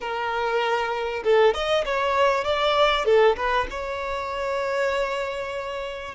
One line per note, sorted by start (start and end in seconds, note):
0.00 1.23 A#4
1.24 1.53 A4
1.53 1.84 D#5
1.85 2.44 C#5
2.44 3.05 D5
3.05 3.35 A4
3.36 3.67 B4
3.70 6.14 C#5